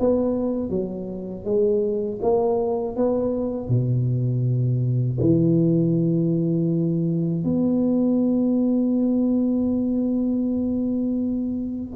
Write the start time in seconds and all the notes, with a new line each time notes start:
0.00 B3
0.70 F#3
1.45 G#3
2.23 A#3
2.97 B3
3.69 B2
5.21 E3
7.45 B3